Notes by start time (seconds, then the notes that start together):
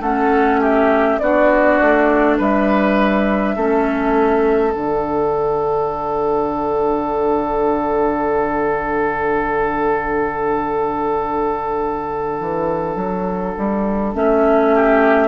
0.00 A3 C#4 A4 F#5
0.60 G4 E5
1.19 B3 D4 F#4 D5
1.81 A3
2.38 G3 B4 E5
3.56 A3 C#4 A4
4.72 D3 D4 F#5
12.40 E3
12.95 F#3
13.58 G3
14.14 A3 C#4 E5
14.74 G4